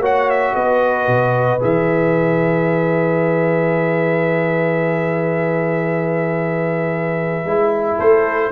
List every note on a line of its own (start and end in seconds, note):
0.00 0.53 A#3
0.00 1.60 F#4
0.00 0.54 C#5
0.00 0.30 F#5
0.30 0.56 E5
0.55 1.07 B3
0.55 7.97 B4
0.55 1.62 D#5
1.07 1.61 B2
1.60 7.45 E3
1.60 7.44 G#4
1.60 8.00 E5
7.45 7.98 G#3
7.45 8.52 E4
7.97 8.52 A3
7.97 8.50 A4
7.97 8.52 C5